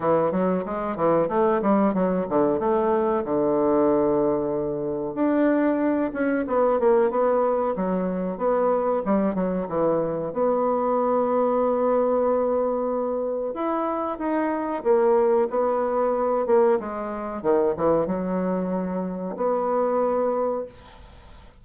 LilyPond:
\new Staff \with { instrumentName = "bassoon" } { \time 4/4 \tempo 4 = 93 e8 fis8 gis8 e8 a8 g8 fis8 d8 | a4 d2. | d'4. cis'8 b8 ais8 b4 | fis4 b4 g8 fis8 e4 |
b1~ | b4 e'4 dis'4 ais4 | b4. ais8 gis4 dis8 e8 | fis2 b2 | }